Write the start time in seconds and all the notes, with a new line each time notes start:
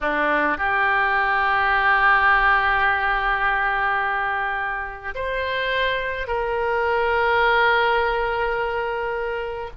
0.00 D4
0.57 G4
5.15 C5
6.27 A#4